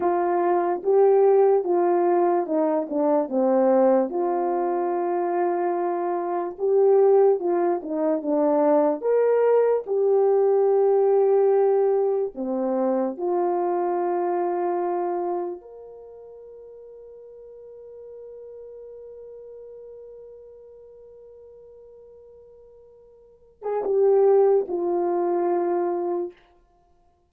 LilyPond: \new Staff \with { instrumentName = "horn" } { \time 4/4 \tempo 4 = 73 f'4 g'4 f'4 dis'8 d'8 | c'4 f'2. | g'4 f'8 dis'8 d'4 ais'4 | g'2. c'4 |
f'2. ais'4~ | ais'1~ | ais'1~ | ais'8. gis'16 g'4 f'2 | }